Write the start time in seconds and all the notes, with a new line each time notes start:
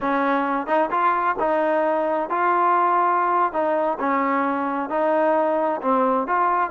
0.01 C#4
0.67 D#4
0.90 F4
1.39 D#4
2.29 F4
3.52 D#4
3.99 C#4
4.89 D#4
5.81 C4
6.27 F4